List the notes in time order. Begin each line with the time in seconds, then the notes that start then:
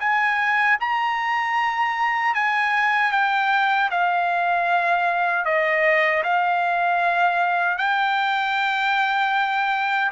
0.00 G#5
0.80 A#5
2.34 G#5
3.12 G5
3.91 F5
5.45 D#5
6.23 F5
7.78 G5